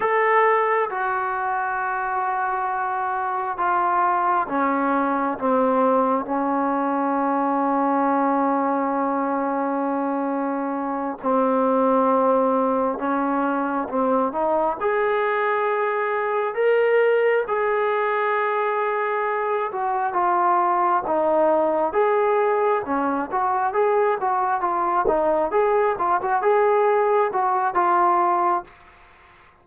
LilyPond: \new Staff \with { instrumentName = "trombone" } { \time 4/4 \tempo 4 = 67 a'4 fis'2. | f'4 cis'4 c'4 cis'4~ | cis'1~ | cis'8 c'2 cis'4 c'8 |
dis'8 gis'2 ais'4 gis'8~ | gis'2 fis'8 f'4 dis'8~ | dis'8 gis'4 cis'8 fis'8 gis'8 fis'8 f'8 | dis'8 gis'8 f'16 fis'16 gis'4 fis'8 f'4 | }